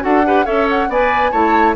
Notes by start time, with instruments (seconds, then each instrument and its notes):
0.00 bassoon D4, clarinet F#4, oboe A4, flute F#5
0.25 clarinet G4, oboe B4
0.45 bassoon C#4, clarinet A4, oboe C#5, flute E5
0.69 flute F#5
0.88 bassoon B3, clarinet B4, oboe D5, flute G#5
1.31 bassoon A3, clarinet E4, oboe C#5, flute A5